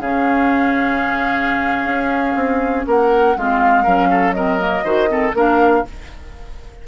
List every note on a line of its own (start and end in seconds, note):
0.00 1.85 C#3
0.00 3.37 C#4
0.00 2.86 G#4
0.00 2.86 F5
1.85 2.35 C#4
2.35 2.85 C4
2.86 3.36 A#3
2.86 3.37 A#4
2.86 3.37 F#5
3.36 3.86 G#3
3.36 3.85 C4
3.36 3.83 F4
3.36 4.32 F5
3.83 4.83 F#3
3.83 4.34 C#4
3.83 4.07 A#4
4.10 4.35 A4
4.32 4.59 C4
4.32 4.84 A#4
4.32 5.31 D#5
4.59 4.84 A#3
4.83 5.33 D#3
4.83 5.07 F#4
4.83 5.09 C5
5.07 5.32 C4
5.07 5.35 A4
5.33 5.83 A#3
5.33 5.85 D4
5.33 5.85 A#4
5.33 5.87 F5